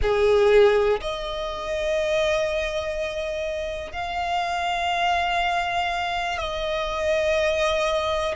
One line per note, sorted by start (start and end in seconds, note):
0.02 1.00 G#4
1.01 3.92 D#5
3.92 6.38 F5
6.38 8.34 D#5